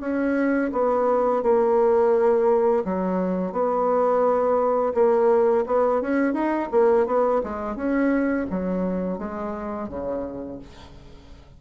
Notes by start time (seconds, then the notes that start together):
0.00 C#4
0.72 B3
1.42 A#3
2.84 F#3
3.52 B3
4.94 A#3
5.66 B3
6.01 C#4
6.33 D#4
6.71 A#3
7.06 B3
7.43 G#3
7.76 C#4
8.50 F#3
9.18 G#3
9.88 C#3